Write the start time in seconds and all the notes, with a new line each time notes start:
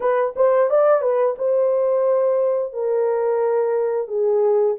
0.00 B4
0.36 C5
0.70 D5
1.01 B4
1.38 C5
2.73 A#4
4.07 G#4